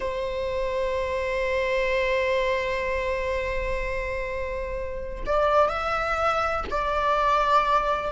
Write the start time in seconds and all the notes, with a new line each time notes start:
0.00 C5
5.26 D5
5.69 E5
6.70 D5